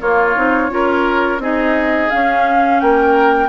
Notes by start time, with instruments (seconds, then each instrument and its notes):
0.00 bassoon A#3, clarinet A#3, oboe F4, flute C#5
0.35 bassoon C4, clarinet D#4
0.69 bassoon C#4, clarinet F4, oboe A#4
1.38 bassoon C4, clarinet D#4, oboe G#4, flute D#5
2.10 clarinet C#4, bassoon C#4, flute F5
2.80 bassoon A#3, oboe A#4, flute G5